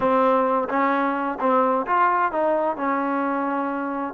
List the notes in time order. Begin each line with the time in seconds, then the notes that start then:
0.00 C4
0.69 C#4
1.40 C4
1.86 F4
2.32 D#4
2.77 C#4